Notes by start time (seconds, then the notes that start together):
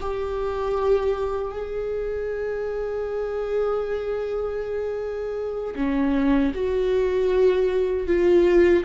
0.00 G4
1.51 G#4
5.75 C#4
6.54 F#4
8.07 F4